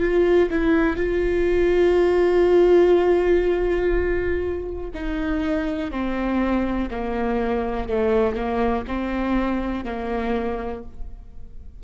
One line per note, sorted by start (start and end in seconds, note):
0.00 0.49 F4
0.50 0.97 E4
0.97 4.90 F4
4.94 5.91 D#4
5.91 6.89 C4
6.90 7.88 A#3
7.88 8.35 A3
8.35 8.84 A#3
8.87 9.85 C4
9.85 10.83 A#3